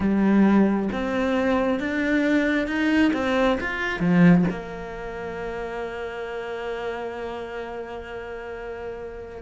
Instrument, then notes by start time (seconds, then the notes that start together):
cello
0.00 G3
0.92 C4
1.79 D4
2.67 D#4
3.13 C4
3.60 F4
3.99 F3
4.50 A#3